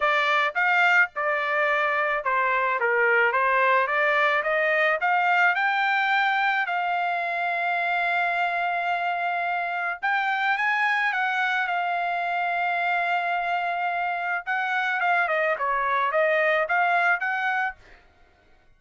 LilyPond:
\new Staff \with { instrumentName = "trumpet" } { \time 4/4 \tempo 4 = 108 d''4 f''4 d''2 | c''4 ais'4 c''4 d''4 | dis''4 f''4 g''2 | f''1~ |
f''2 g''4 gis''4 | fis''4 f''2.~ | f''2 fis''4 f''8 dis''8 | cis''4 dis''4 f''4 fis''4 | }